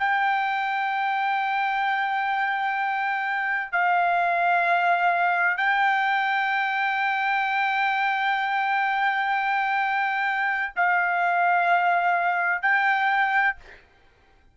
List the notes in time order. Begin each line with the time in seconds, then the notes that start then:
0.00 G5
3.72 F5
5.58 G5
10.76 F5
12.63 G5